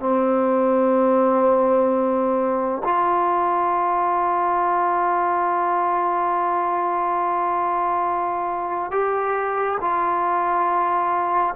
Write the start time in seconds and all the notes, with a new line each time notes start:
0.00 C4
2.84 F4
8.92 G4
9.81 F4